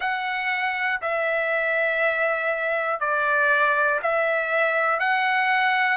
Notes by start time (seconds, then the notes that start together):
0.00 F#5
1.01 E5
3.00 D5
4.02 E5
5.00 F#5